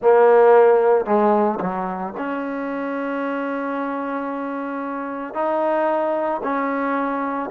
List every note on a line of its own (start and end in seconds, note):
0.02 1.05 A#3
1.05 1.59 G#3
1.60 2.13 F#3
2.17 5.34 C#4
5.34 6.41 D#4
6.43 7.50 C#4